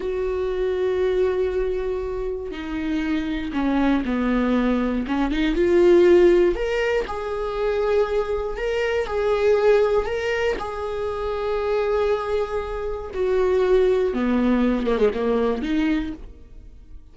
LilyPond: \new Staff \with { instrumentName = "viola" } { \time 4/4 \tempo 4 = 119 fis'1~ | fis'4 dis'2 cis'4 | b2 cis'8 dis'8 f'4~ | f'4 ais'4 gis'2~ |
gis'4 ais'4 gis'2 | ais'4 gis'2.~ | gis'2 fis'2 | b4. ais16 gis16 ais4 dis'4 | }